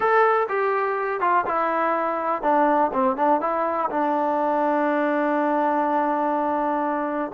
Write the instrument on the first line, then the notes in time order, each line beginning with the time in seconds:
trombone
0.00 A4
0.48 G4
1.20 F4
1.45 E4
2.42 D4
2.93 C4
3.16 D4
3.40 E4
3.90 D4